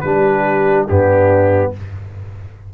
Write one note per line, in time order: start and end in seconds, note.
0.00 0.87 G3
0.00 0.88 D4
0.00 0.87 G4
0.00 0.83 B4
0.87 1.72 G2
0.87 1.73 B3
0.87 1.70 D4
0.87 1.71 G4